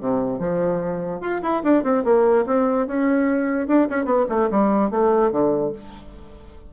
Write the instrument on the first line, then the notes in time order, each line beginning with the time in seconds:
bassoon
0.00 C3
0.39 F3
1.20 F4
1.42 E4
1.63 D4
1.83 C4
2.04 A#3
2.46 C4
2.87 C#4
3.67 D4
3.90 C#4
4.05 B3
4.29 A3
4.50 G3
4.90 A3
5.31 D3